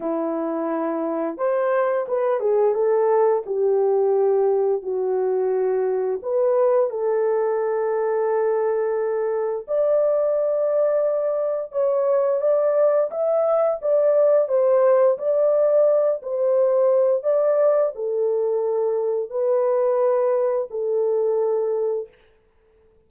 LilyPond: \new Staff \with { instrumentName = "horn" } { \time 4/4 \tempo 4 = 87 e'2 c''4 b'8 gis'8 | a'4 g'2 fis'4~ | fis'4 b'4 a'2~ | a'2 d''2~ |
d''4 cis''4 d''4 e''4 | d''4 c''4 d''4. c''8~ | c''4 d''4 a'2 | b'2 a'2 | }